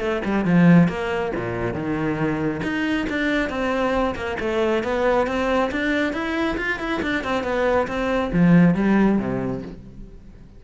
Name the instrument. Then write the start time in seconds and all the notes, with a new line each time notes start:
cello
0.00 A3
0.24 G3
0.45 F3
0.88 A#3
1.36 A#2
1.74 D#3
2.63 D#4
3.09 D4
3.49 C4
4.15 A#3
4.40 A3
4.83 B3
5.27 C4
5.71 D4
6.13 E4
6.57 F4
6.79 E4
7.02 D4
7.24 C4
7.43 B3
7.87 C4
8.33 F3
8.75 G3
9.19 C3